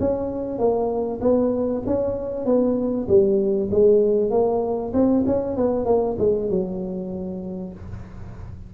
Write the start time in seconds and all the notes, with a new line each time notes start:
0.00 C#4
0.59 A#3
1.21 B3
1.86 C#4
2.46 B3
3.08 G3
3.71 G#3
4.31 A#3
4.93 C4
5.27 C#4
5.57 B3
5.86 A#3
6.19 G#3
6.50 F#3